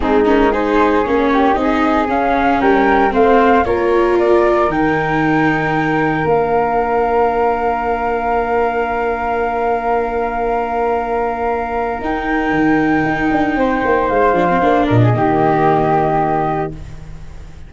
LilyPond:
<<
  \new Staff \with { instrumentName = "flute" } { \time 4/4 \tempo 4 = 115 gis'8 ais'8 c''4 cis''4 dis''4 | f''4 g''4 f''4 cis''4 | d''4 g''2. | f''1~ |
f''1~ | f''2. g''4~ | g''2. f''4~ | f''8 dis''2.~ dis''8 | }
  \new Staff \with { instrumentName = "flute" } { \time 4/4 dis'4 gis'4. g'8 gis'4~ | gis'4 ais'4 c''4 ais'4~ | ais'1~ | ais'1~ |
ais'1~ | ais'1~ | ais'2 c''2~ | c''8 ais'16 gis'16 g'2. | }
  \new Staff \with { instrumentName = "viola" } { \time 4/4 c'8 cis'8 dis'4 cis'4 dis'4 | cis'2 c'4 f'4~ | f'4 dis'2. | d'1~ |
d'1~ | d'2. dis'4~ | dis'2.~ dis'8 d'16 c'16 | d'4 ais2. | }
  \new Staff \with { instrumentName = "tuba" } { \time 4/4 gis2 ais4 c'4 | cis'4 g4 a4 ais4~ | ais4 dis2. | ais1~ |
ais1~ | ais2. dis'4 | dis4 dis'8 d'8 c'8 ais8 gis8 f8 | ais8 ais,8 dis2. | }
>>